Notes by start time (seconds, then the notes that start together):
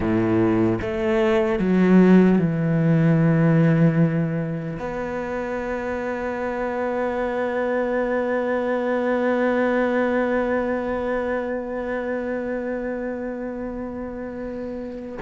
0.00 A2
0.81 A3
1.59 F#3
2.38 E3
4.79 B3